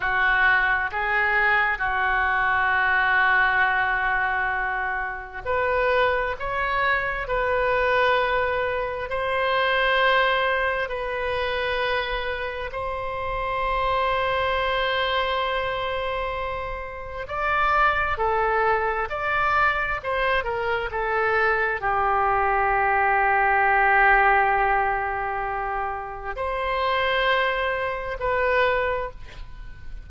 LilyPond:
\new Staff \with { instrumentName = "oboe" } { \time 4/4 \tempo 4 = 66 fis'4 gis'4 fis'2~ | fis'2 b'4 cis''4 | b'2 c''2 | b'2 c''2~ |
c''2. d''4 | a'4 d''4 c''8 ais'8 a'4 | g'1~ | g'4 c''2 b'4 | }